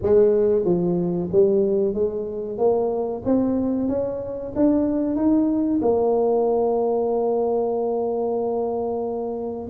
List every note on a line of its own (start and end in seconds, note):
0.02 0.65 G#3
0.65 1.29 F3
1.32 1.94 G3
1.94 2.57 G#3
2.57 3.22 A#3
3.25 3.88 C4
3.88 4.52 C#4
4.55 5.16 D4
5.16 5.80 D#4
5.81 9.68 A#3